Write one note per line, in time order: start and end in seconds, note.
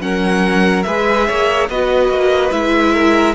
0.00 0.85 F#3
0.00 0.83 C#4
0.00 0.86 A#4
0.00 0.83 F#5
0.83 1.29 G#3
0.83 1.70 G#4
0.83 1.27 B4
0.83 1.66 E5
1.27 1.69 A#3
1.27 1.69 C#5
1.69 2.09 B3
1.69 2.51 F#4
1.69 2.93 B4
1.69 2.51 D#5
2.09 2.51 A#3
2.51 3.35 G#3
2.51 3.35 E4
2.51 3.35 E5
2.93 3.34 A#4